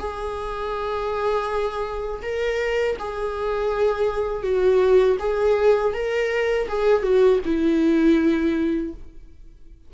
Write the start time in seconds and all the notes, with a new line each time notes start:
0.00 G#4
2.23 A#4
3.00 G#4
4.43 F#4
5.20 G#4
5.94 A#4
6.69 G#4
7.03 F#4
7.46 E4